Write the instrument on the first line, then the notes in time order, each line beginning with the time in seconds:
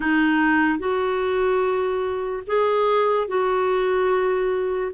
clarinet
0.00 D#4
0.78 F#4
2.47 G#4
3.27 F#4